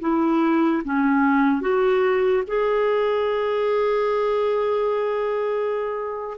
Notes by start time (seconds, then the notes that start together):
0.00 E4
0.84 C#4
1.61 F#4
2.47 G#4